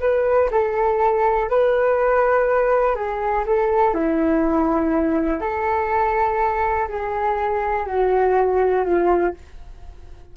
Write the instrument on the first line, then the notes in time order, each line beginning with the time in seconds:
flute
0.00 B4
0.51 A4
1.49 B4
2.96 G#4
3.46 A4
3.94 E4
5.41 A4
6.89 G#4
7.86 F#4
8.84 F4